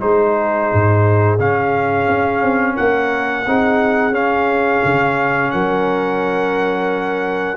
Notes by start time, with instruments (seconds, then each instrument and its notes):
0.00 tuba G#3, trombone D#4, horn G#4, trumpet C5
0.73 tuba G#2
1.39 tuba C#3, trombone C#4, trumpet F5
2.08 tuba C#4
2.42 tuba C4
2.75 tuba A#3, horn A#4, trumpet F#5
3.47 tuba C4, trombone D#4, horn G#4
4.11 tuba C#4, trombone C#4, trumpet F5
4.85 tuba C#3
5.50 tuba F#3, horn A#4, trumpet F#5